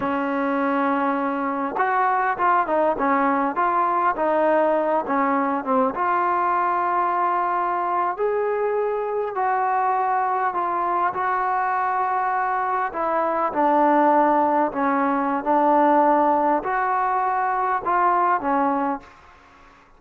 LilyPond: \new Staff \with { instrumentName = "trombone" } { \time 4/4 \tempo 4 = 101 cis'2. fis'4 | f'8 dis'8 cis'4 f'4 dis'4~ | dis'8 cis'4 c'8 f'2~ | f'4.~ f'16 gis'2 fis'16~ |
fis'4.~ fis'16 f'4 fis'4~ fis'16~ | fis'4.~ fis'16 e'4 d'4~ d'16~ | d'8. cis'4~ cis'16 d'2 | fis'2 f'4 cis'4 | }